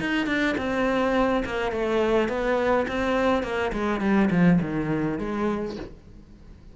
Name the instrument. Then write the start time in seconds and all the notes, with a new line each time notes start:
cello
0.00 D#4
0.26 D4
0.57 C4
1.45 A#3
1.72 A3
2.28 B3
2.87 C4
3.43 A#3
3.72 G#3
4.00 G3
4.31 F3
4.61 D#3
5.18 G#3